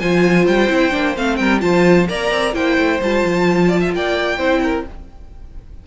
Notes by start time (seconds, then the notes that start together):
0.00 F3 F4 C5 G#5
0.47 G3 G5
0.69 C4 E4
0.92 A#3 D4
1.17 A3 C4 F5
1.37 G3 A#4 G5
1.60 F3 F4 C5 A5
2.09 A#3 A#4 D5 A#5
2.31 C4
2.53 A#3 E4 C5 G5
2.78 A3
3.01 G3 F4 A5
3.25 F3
3.68 D5
3.81 E5
3.94 A#3 D5 G5
4.38 C4 E4 C5
4.64 A#4